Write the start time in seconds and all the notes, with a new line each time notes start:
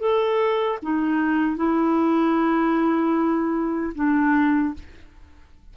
0.00 A4
0.83 D#4
1.57 E4
3.95 D4